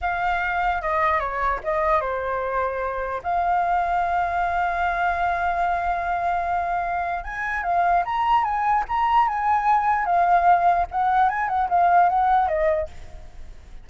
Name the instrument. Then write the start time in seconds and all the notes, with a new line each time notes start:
flute
0.01 F5
0.81 D#5
1.19 C#5
1.63 D#5
2.00 C5
3.23 F5
7.24 G#5
7.63 F5
8.05 A#5
8.44 G#5
8.88 A#5
9.27 G#5
10.05 F5
10.91 F#5
11.29 G#5
11.48 F#5
11.69 F5
12.09 F#5
12.48 D#5